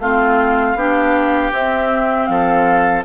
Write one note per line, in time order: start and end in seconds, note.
0.00 0.75 A3
0.00 0.78 C4
0.00 0.78 F4
0.00 1.53 F5
0.75 1.51 B3
0.75 1.53 D4
0.75 2.30 G4
1.53 2.29 C4
1.53 3.05 C4
1.53 2.26 E5
2.26 3.05 F3
2.26 3.05 A4
2.26 3.02 F5